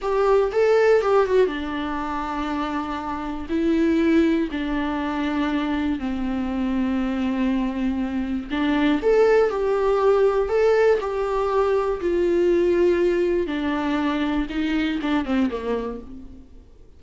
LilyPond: \new Staff \with { instrumentName = "viola" } { \time 4/4 \tempo 4 = 120 g'4 a'4 g'8 fis'8 d'4~ | d'2. e'4~ | e'4 d'2. | c'1~ |
c'4 d'4 a'4 g'4~ | g'4 a'4 g'2 | f'2. d'4~ | d'4 dis'4 d'8 c'8 ais4 | }